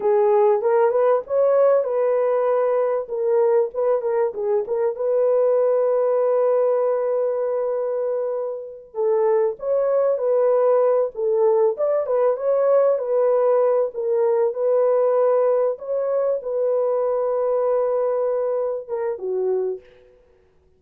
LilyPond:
\new Staff \with { instrumentName = "horn" } { \time 4/4 \tempo 4 = 97 gis'4 ais'8 b'8 cis''4 b'4~ | b'4 ais'4 b'8 ais'8 gis'8 ais'8 | b'1~ | b'2~ b'8 a'4 cis''8~ |
cis''8 b'4. a'4 d''8 b'8 | cis''4 b'4. ais'4 b'8~ | b'4. cis''4 b'4.~ | b'2~ b'8 ais'8 fis'4 | }